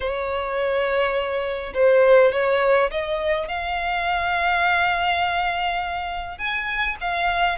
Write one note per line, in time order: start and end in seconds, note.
0.00 1.73 C#5
1.73 2.32 C5
2.32 2.90 C#5
2.90 3.48 D#5
3.48 6.38 F5
6.38 6.96 G#5
7.01 7.58 F5